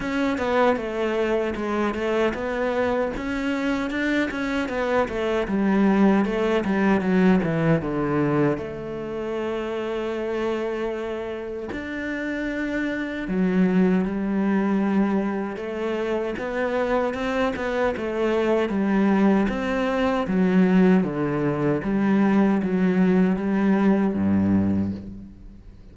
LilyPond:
\new Staff \with { instrumentName = "cello" } { \time 4/4 \tempo 4 = 77 cis'8 b8 a4 gis8 a8 b4 | cis'4 d'8 cis'8 b8 a8 g4 | a8 g8 fis8 e8 d4 a4~ | a2. d'4~ |
d'4 fis4 g2 | a4 b4 c'8 b8 a4 | g4 c'4 fis4 d4 | g4 fis4 g4 g,4 | }